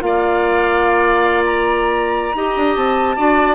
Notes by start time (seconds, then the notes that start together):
0.00 A#3 F4 F5
0.06 D5
1.45 A#5
2.34 D#4 G4 D#5
2.57 D4
2.76 C4 A5
3.16 D4 F#4 D5